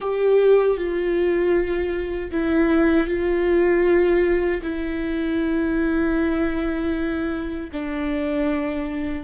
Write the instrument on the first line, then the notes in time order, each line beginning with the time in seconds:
viola
0.00 G4
0.77 F4
2.31 E4
3.07 F4
4.62 E4
7.72 D4